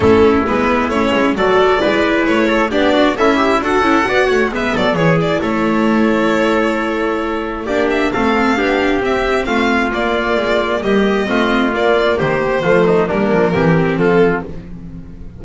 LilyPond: <<
  \new Staff \with { instrumentName = "violin" } { \time 4/4 \tempo 4 = 133 a'4 b'4 cis''4 d''4~ | d''4 cis''4 d''4 e''4 | fis''2 e''8 d''8 cis''8 d''8 | cis''1~ |
cis''4 d''8 e''8 f''2 | e''4 f''4 d''2 | dis''2 d''4 c''4~ | c''4 ais'2 a'4 | }
  \new Staff \with { instrumentName = "trumpet" } { \time 4/4 e'2. a'4 | b'4. a'8 g'8 fis'8 e'4 | a'4 d''8 cis''8 b'8 a'8 gis'4 | a'1~ |
a'4 g'4 a'4 g'4~ | g'4 f'2. | g'4 f'2 g'4 | f'8 dis'8 d'4 g'4 f'4 | }
  \new Staff \with { instrumentName = "viola" } { \time 4/4 cis'4 b4 cis'4 fis'4 | e'2 d'4 a'8 g'8 | fis'8 e'8 fis'4 b4 e'4~ | e'1~ |
e'4 d'4 c'4 d'4 | c'2 ais2~ | ais4 c'4 ais2 | a4 ais4 c'2 | }
  \new Staff \with { instrumentName = "double bass" } { \time 4/4 a4 gis4 a8 gis8 fis4 | gis4 a4 b4 cis'4 | d'8 cis'8 b8 a8 gis8 fis8 e4 | a1~ |
a4 ais4 a4 b4 | c'4 a4 ais4 gis4 | g4 a4 ais4 dis4 | f4 g8 f8 e4 f4 | }
>>